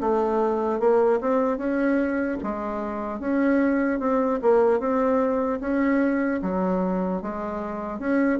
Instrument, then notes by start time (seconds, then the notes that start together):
bassoon
0.00 A3
0.79 A#3
1.20 C4
1.57 C#4
2.43 G#3
3.19 C#4
3.99 C4
4.42 A#3
4.79 C4
5.60 C#4
6.41 F#3
7.21 G#3
7.99 C#4